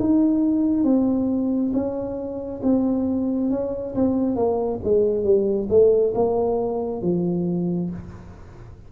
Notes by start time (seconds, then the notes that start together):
0.00 D#4
0.84 C4
1.73 C#4
2.63 C4
3.50 C#4
3.95 C4
4.36 A#3
4.84 G#3
5.24 G3
5.69 A3
6.14 A#3
7.02 F3